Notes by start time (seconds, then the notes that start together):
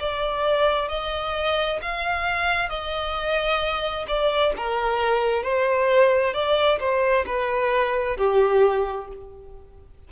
0.00 D5
0.89 D#5
1.82 F5
2.70 D#5
4.08 D5
4.57 A#4
5.43 C5
6.34 D5
6.80 C5
7.26 B4
8.17 G4